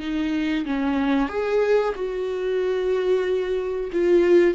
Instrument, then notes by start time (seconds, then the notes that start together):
viola
0.00 D#4
0.66 C#4
1.29 G#4
1.95 F#4
3.92 F4